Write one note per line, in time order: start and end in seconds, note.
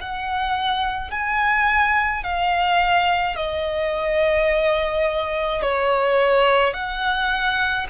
0.00 1.11 F#5
1.11 2.23 G#5
2.23 3.36 F5
3.36 5.62 D#5
5.62 6.74 C#5
6.74 7.87 F#5